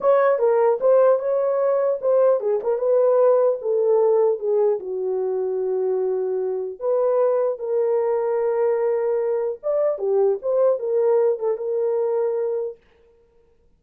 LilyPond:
\new Staff \with { instrumentName = "horn" } { \time 4/4 \tempo 4 = 150 cis''4 ais'4 c''4 cis''4~ | cis''4 c''4 gis'8 ais'8 b'4~ | b'4 a'2 gis'4 | fis'1~ |
fis'4 b'2 ais'4~ | ais'1 | d''4 g'4 c''4 ais'4~ | ais'8 a'8 ais'2. | }